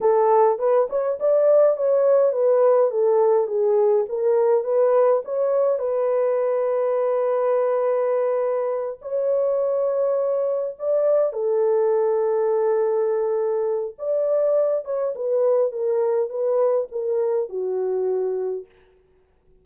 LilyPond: \new Staff \with { instrumentName = "horn" } { \time 4/4 \tempo 4 = 103 a'4 b'8 cis''8 d''4 cis''4 | b'4 a'4 gis'4 ais'4 | b'4 cis''4 b'2~ | b'2.~ b'8 cis''8~ |
cis''2~ cis''8 d''4 a'8~ | a'1 | d''4. cis''8 b'4 ais'4 | b'4 ais'4 fis'2 | }